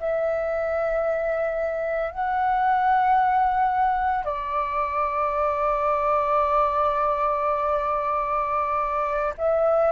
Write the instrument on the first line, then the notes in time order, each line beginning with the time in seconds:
flute
0.00 E5
2.11 F#5
4.25 D5
9.37 E5